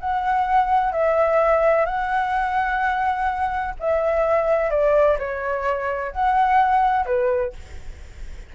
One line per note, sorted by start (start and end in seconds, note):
0.00 0.92 F#5
0.92 1.85 E5
1.85 3.74 F#5
3.79 4.70 E5
4.70 5.18 D5
5.18 6.12 C#5
6.12 7.05 F#5
7.05 7.53 B4